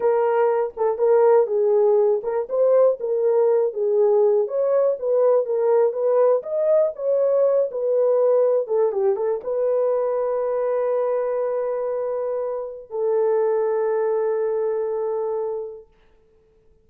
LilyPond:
\new Staff \with { instrumentName = "horn" } { \time 4/4 \tempo 4 = 121 ais'4. a'8 ais'4 gis'4~ | gis'8 ais'8 c''4 ais'4. gis'8~ | gis'4 cis''4 b'4 ais'4 | b'4 dis''4 cis''4. b'8~ |
b'4. a'8 g'8 a'8 b'4~ | b'1~ | b'2 a'2~ | a'1 | }